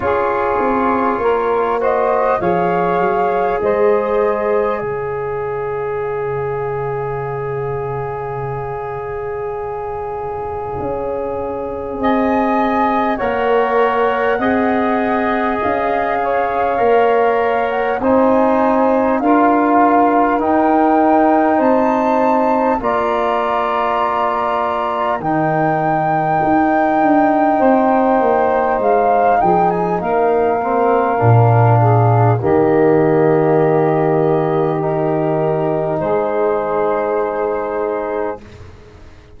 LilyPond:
<<
  \new Staff \with { instrumentName = "flute" } { \time 4/4 \tempo 4 = 50 cis''4. dis''8 f''4 dis''4 | f''1~ | f''2 gis''4 fis''4~ | fis''4 f''4.~ f''16 fis''16 gis''4 |
f''4 g''4 a''4 ais''4~ | ais''4 g''2. | f''8 g''16 gis''16 f''2 dis''4~ | dis''4 ais'4 c''2 | }
  \new Staff \with { instrumentName = "saxophone" } { \time 4/4 gis'4 ais'8 c''8 cis''4 c''4 | cis''1~ | cis''2 dis''4 cis''4 | dis''4. cis''4. c''4 |
ais'2 c''4 d''4~ | d''4 ais'2 c''4~ | c''8 gis'8 ais'4. gis'8 g'4~ | g'2 gis'2 | }
  \new Staff \with { instrumentName = "trombone" } { \time 4/4 f'4. fis'8 gis'2~ | gis'1~ | gis'2. ais'4 | gis'2 ais'4 dis'4 |
f'4 dis'2 f'4~ | f'4 dis'2.~ | dis'4. c'8 d'4 ais4~ | ais4 dis'2. | }
  \new Staff \with { instrumentName = "tuba" } { \time 4/4 cis'8 c'8 ais4 f8 fis8 gis4 | cis1~ | cis4 cis'4 c'4 ais4 | c'4 cis'4 ais4 c'4 |
d'4 dis'4 c'4 ais4~ | ais4 dis4 dis'8 d'8 c'8 ais8 | gis8 f8 ais4 ais,4 dis4~ | dis2 gis2 | }
>>